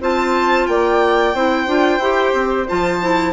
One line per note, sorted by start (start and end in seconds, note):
0.00 0.67 C4
0.00 1.34 F4
0.00 0.68 C5
0.00 0.66 A5
0.66 1.34 A#3
0.66 1.35 D5
0.66 2.66 G5
1.34 1.67 C4
1.34 1.67 E4
1.34 3.33 C5
1.67 1.98 D4
1.67 2.00 F4
1.98 2.32 E4
1.98 2.67 G4
2.33 2.66 C4
2.67 3.33 F3
2.67 3.01 F4
2.67 3.33 A5
3.01 3.33 E4